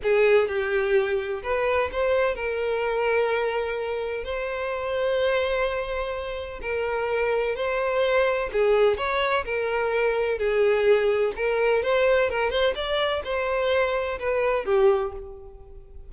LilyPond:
\new Staff \with { instrumentName = "violin" } { \time 4/4 \tempo 4 = 127 gis'4 g'2 b'4 | c''4 ais'2.~ | ais'4 c''2.~ | c''2 ais'2 |
c''2 gis'4 cis''4 | ais'2 gis'2 | ais'4 c''4 ais'8 c''8 d''4 | c''2 b'4 g'4 | }